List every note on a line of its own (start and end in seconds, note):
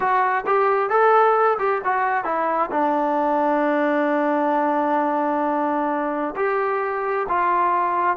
0.00 0.44 F#4
0.46 0.89 G4
0.89 1.58 A4
1.58 1.81 G4
1.84 2.24 F#4
2.24 2.69 E4
2.71 6.34 D4
6.36 7.26 G4
7.29 8.16 F4